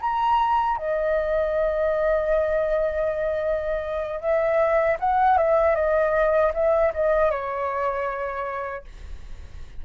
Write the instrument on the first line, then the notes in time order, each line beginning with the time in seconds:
flute
0.00 A#5
0.77 D#5
4.20 E5
4.99 F#5
5.37 E5
5.75 D#5
6.53 E5
6.93 D#5
7.30 C#5